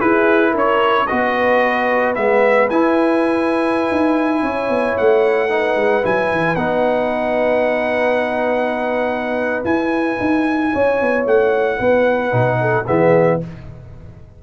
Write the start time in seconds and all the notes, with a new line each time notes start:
0.00 E4 G#4 B4
0.50 C#4 A#4
0.58 C#5
1.07 B3 F#4 B4 D#5
2.15 G#3 B3 E5
2.70 E4 G#5
3.91 D#4
4.42 C#4 C#5
4.69 B3
4.98 A3 F#5
5.49 D#4 B4
5.76 G#3
6.02 F#3 E4 G#5
6.31 E3
6.55 B3 D#4 F#5
9.64 E4 G#5
10.20 D#4
10.73 C#4 C#5
11.01 B3
11.26 A3 F#5
11.77 B3 B4
12.31 B2 D#4
12.61 A4
12.86 E3 B3 G#4 E5